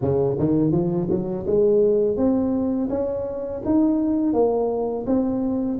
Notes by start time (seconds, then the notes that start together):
0.01 C#3
0.38 D#3
0.71 F3
1.10 F#3
1.46 G#3
2.16 C4
2.89 C#4
3.65 D#4
4.33 A#3
5.06 C4